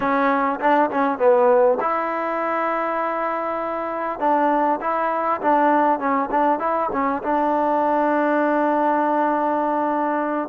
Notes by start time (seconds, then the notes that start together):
0.00 C#4
0.59 D4
0.90 C#4
1.18 B3
1.80 E4
4.19 D4
4.80 E4
5.41 D4
5.99 C#4
6.31 D4
6.59 E4
6.92 C#4
7.22 D4